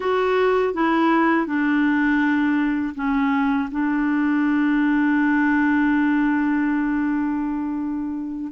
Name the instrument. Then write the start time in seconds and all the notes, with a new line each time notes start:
clarinet
0.00 F#4
0.73 E4
1.46 D4
2.95 C#4
3.71 D4